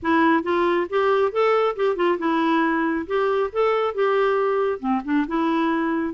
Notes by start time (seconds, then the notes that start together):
0.02 E4
0.43 F4
0.89 G4
1.32 A4
1.76 G4
1.96 F4
2.18 E4
3.06 G4
3.52 A4
3.94 G4
4.79 C4
5.04 D4
5.27 E4